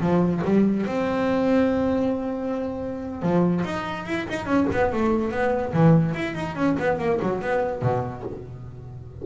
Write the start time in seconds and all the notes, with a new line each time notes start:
0.00 F3
0.44 G3
0.86 C4
3.22 F3
3.64 D#4
4.06 E4
4.29 D#4
4.45 C#4
4.71 B3
4.92 A3
5.30 B3
5.73 E3
6.14 E4
6.34 D#4
6.55 C#4
6.79 B3
6.98 A#3
7.21 F#3
7.41 B3
7.81 B2